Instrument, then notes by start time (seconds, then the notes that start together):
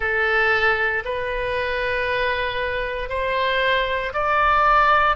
oboe
0.00 A4
1.04 B4
3.09 C5
4.13 D5